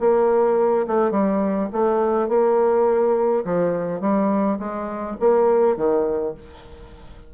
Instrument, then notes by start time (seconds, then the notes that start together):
bassoon
0.00 A#3
0.87 A3
1.11 G3
1.73 A3
2.29 A#3
3.45 F3
4.01 G3
4.59 G#3
5.20 A#3
5.76 D#3